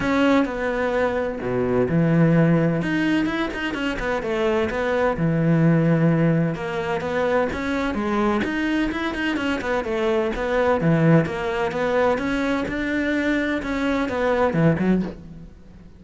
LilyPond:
\new Staff \with { instrumentName = "cello" } { \time 4/4 \tempo 4 = 128 cis'4 b2 b,4 | e2 dis'4 e'8 dis'8 | cis'8 b8 a4 b4 e4~ | e2 ais4 b4 |
cis'4 gis4 dis'4 e'8 dis'8 | cis'8 b8 a4 b4 e4 | ais4 b4 cis'4 d'4~ | d'4 cis'4 b4 e8 fis8 | }